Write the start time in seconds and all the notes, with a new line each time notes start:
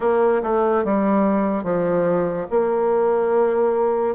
0.00 A#3
0.42 A3
0.84 G3
1.63 F3
2.50 A#3